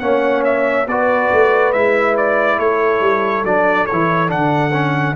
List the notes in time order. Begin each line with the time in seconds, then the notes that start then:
0.00 A#3 C#4 C#5 F#5
0.44 E5
0.87 B3 F#4 B4 D5
1.32 A3
1.73 G#3 E4 E5
2.17 D5
2.58 A3 A4 C#5
3.00 G3
3.44 F#3 D4 D5
3.86 E3 C#5
3.92 E4
4.28 D3 D4 F#5
4.73 C#4